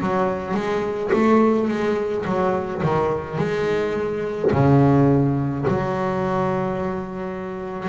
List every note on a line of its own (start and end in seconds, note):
0.00 0.54 F#3
0.54 1.11 G#3
1.13 1.68 A3
1.68 2.25 G#3
2.25 2.82 F#3
2.83 3.38 D#3
3.38 4.51 G#3
4.52 5.65 C#3
5.68 7.88 F#3